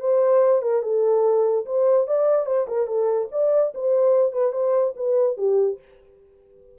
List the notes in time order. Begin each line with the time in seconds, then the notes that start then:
0.00 C5
0.62 A#4
0.82 A4
1.66 C5
2.07 D5
2.46 C5
2.67 A#4
2.87 A4
3.32 D5
3.74 C5
4.32 B4
4.52 C5
4.96 B4
5.37 G4